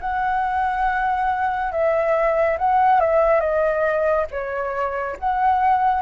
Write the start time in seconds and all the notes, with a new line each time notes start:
0.00 F#5
1.72 E5
2.58 F#5
3.00 E5
3.40 D#5
4.31 C#5
5.19 F#5